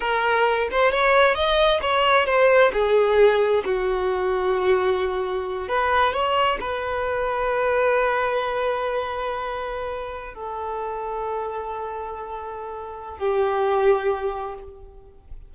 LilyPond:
\new Staff \with { instrumentName = "violin" } { \time 4/4 \tempo 4 = 132 ais'4. c''8 cis''4 dis''4 | cis''4 c''4 gis'2 | fis'1~ | fis'8 b'4 cis''4 b'4.~ |
b'1~ | b'2~ b'8. a'4~ a'16~ | a'1~ | a'4 g'2. | }